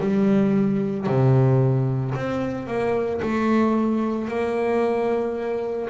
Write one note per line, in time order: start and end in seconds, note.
0.00 1.06 G3
1.06 2.13 C3
2.15 2.67 C4
2.67 3.20 A#3
3.21 4.28 A3
4.28 5.89 A#3